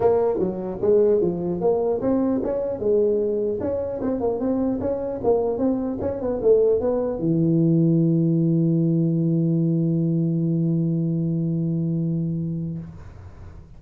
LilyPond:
\new Staff \with { instrumentName = "tuba" } { \time 4/4 \tempo 4 = 150 ais4 fis4 gis4 f4 | ais4 c'4 cis'4 gis4~ | gis4 cis'4 c'8 ais8 c'4 | cis'4 ais4 c'4 cis'8 b8 |
a4 b4 e2~ | e1~ | e1~ | e1 | }